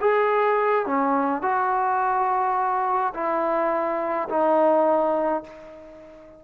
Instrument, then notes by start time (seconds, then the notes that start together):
trombone
0.00 G#4
0.85 C#4
1.42 F#4
3.14 E4
4.29 D#4